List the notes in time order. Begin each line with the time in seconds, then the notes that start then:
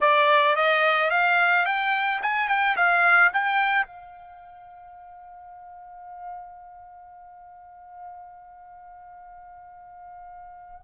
0.00 D5
0.56 D#5
1.10 F5
1.65 G5
2.22 G#5
2.48 G5
2.76 F5
3.33 G5
3.86 F5